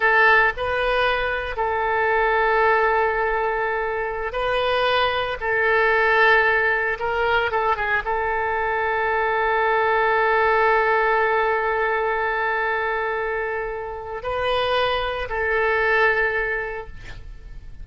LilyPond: \new Staff \with { instrumentName = "oboe" } { \time 4/4 \tempo 4 = 114 a'4 b'2 a'4~ | a'1~ | a'16 b'2 a'4.~ a'16~ | a'4~ a'16 ais'4 a'8 gis'8 a'8.~ |
a'1~ | a'1~ | a'2. b'4~ | b'4 a'2. | }